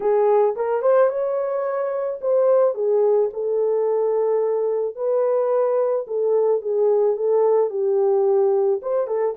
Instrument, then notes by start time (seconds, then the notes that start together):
horn
0.00 G#4
0.56 A#4
0.82 C5
1.09 C#5
2.21 C5
2.74 G#4
3.33 A4
4.95 B4
6.07 A4
6.61 G#4
7.16 A4
7.70 G4
8.82 C5
9.07 A4